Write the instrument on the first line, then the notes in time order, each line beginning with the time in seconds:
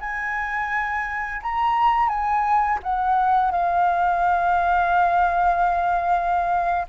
flute
0.00 G#5
1.42 A#5
2.08 G#5
2.83 F#5
3.51 F5